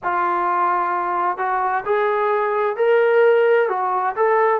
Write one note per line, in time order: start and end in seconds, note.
0.03 1.37 F4
1.37 1.83 F#4
1.85 2.76 G#4
2.76 3.68 A#4
3.68 4.15 F#4
4.15 4.60 A4